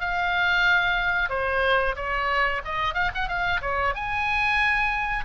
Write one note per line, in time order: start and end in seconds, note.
0.00 1.29 F5
1.29 1.95 C5
1.96 2.62 C#5
2.64 2.94 D#5
2.94 3.11 F5
3.15 3.28 F#5
3.28 3.61 F5
3.61 3.94 C#5
3.94 5.24 G#5